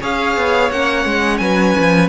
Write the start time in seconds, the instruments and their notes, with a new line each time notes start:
0.00 cello C#4, viola G#4, violin C#5 F5
0.36 cello B3
0.70 cello A#3, viola C#4, violin F#5
1.05 cello G#3
1.37 cello F#3, violin B4 G#5
1.79 cello F3